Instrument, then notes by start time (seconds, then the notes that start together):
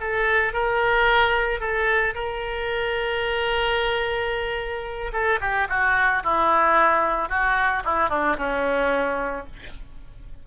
oboe
0.00 A4
0.53 A#4
1.60 A4
2.14 A#4
5.12 A4
5.41 G4
5.69 F#4
6.23 E4
7.29 F#4
7.85 E4
8.09 D4
8.38 C#4